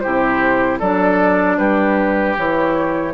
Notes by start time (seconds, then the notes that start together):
0.00 C3 E4 G4 C5
0.79 F#3 D4 A4 D5
1.58 G3 G4 B4
2.37 E3 E4 C#5